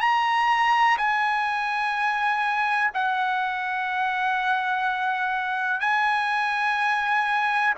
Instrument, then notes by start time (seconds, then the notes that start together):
trumpet
0.00 A#5
0.97 G#5
2.94 F#5
5.80 G#5